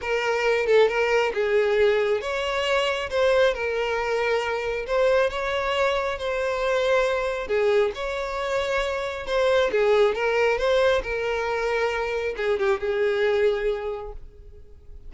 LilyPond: \new Staff \with { instrumentName = "violin" } { \time 4/4 \tempo 4 = 136 ais'4. a'8 ais'4 gis'4~ | gis'4 cis''2 c''4 | ais'2. c''4 | cis''2 c''2~ |
c''4 gis'4 cis''2~ | cis''4 c''4 gis'4 ais'4 | c''4 ais'2. | gis'8 g'8 gis'2. | }